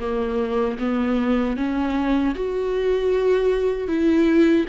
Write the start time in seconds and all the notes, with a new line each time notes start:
0.00 A#3
0.79 B3
1.57 C#4
2.36 F#4
3.88 E4